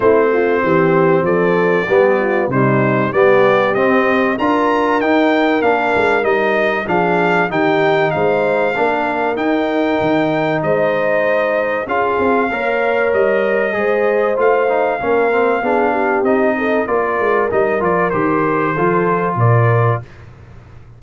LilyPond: <<
  \new Staff \with { instrumentName = "trumpet" } { \time 4/4 \tempo 4 = 96 c''2 d''2 | c''4 d''4 dis''4 ais''4 | g''4 f''4 dis''4 f''4 | g''4 f''2 g''4~ |
g''4 dis''2 f''4~ | f''4 dis''2 f''4~ | f''2 dis''4 d''4 | dis''8 d''8 c''2 d''4 | }
  \new Staff \with { instrumentName = "horn" } { \time 4/4 e'8 f'8 g'4 a'4 g'8 f'8 | dis'4 g'2 ais'4~ | ais'2. gis'4 | g'4 c''4 ais'2~ |
ais'4 c''2 gis'4 | cis''2 c''2 | ais'4 gis'8 g'4 a'8 ais'4~ | ais'2 a'4 ais'4 | }
  \new Staff \with { instrumentName = "trombone" } { \time 4/4 c'2. b4 | g4 b4 c'4 f'4 | dis'4 d'4 dis'4 d'4 | dis'2 d'4 dis'4~ |
dis'2. f'4 | ais'2 gis'4 f'8 dis'8 | cis'8 c'8 d'4 dis'4 f'4 | dis'8 f'8 g'4 f'2 | }
  \new Staff \with { instrumentName = "tuba" } { \time 4/4 a4 e4 f4 g4 | c4 g4 c'4 d'4 | dis'4 ais8 gis8 g4 f4 | dis4 gis4 ais4 dis'4 |
dis4 gis2 cis'8 c'8 | ais4 g4 gis4 a4 | ais4 b4 c'4 ais8 gis8 | g8 f8 dis4 f4 ais,4 | }
>>